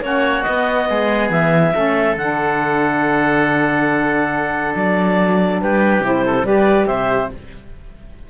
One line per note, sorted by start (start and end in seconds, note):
0.00 0.43 A#3
0.00 0.44 C#4
0.00 0.89 F#4
0.00 0.43 C#5
0.43 1.73 B3
0.43 0.89 B3
0.43 1.28 D#5
0.89 1.30 G#3
0.89 1.74 G#4
1.30 1.72 E3
1.30 2.17 E5
1.73 2.16 A3
1.73 2.16 C#4
1.73 5.60 A4
2.16 4.73 D3
2.16 6.02 D4
2.16 4.74 F#5
4.75 5.61 F#3
4.75 5.61 D5
5.61 6.00 G3
5.61 6.25 G4
5.61 6.04 B4
6.00 6.43 C3
6.00 6.44 E4
6.00 6.45 C5
6.25 6.46 A4
6.43 6.86 G3
6.43 7.30 G4
6.43 6.87 B4
6.43 6.86 D5
6.86 7.30 C3
6.86 7.30 C5
6.86 7.29 E5